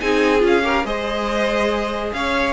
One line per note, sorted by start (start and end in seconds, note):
0.00 0.44 C4
0.00 0.39 D#4
0.00 0.65 G#4
0.00 0.43 G#5
0.39 0.85 C#4
0.39 0.61 F4
0.47 0.86 F5
0.63 0.84 G4
0.63 0.86 A#4
0.85 2.12 G#3
0.85 2.53 G#4
0.85 2.14 C5
0.85 2.13 D#5
2.13 2.53 C#4
2.13 2.53 C#5
2.13 2.53 F5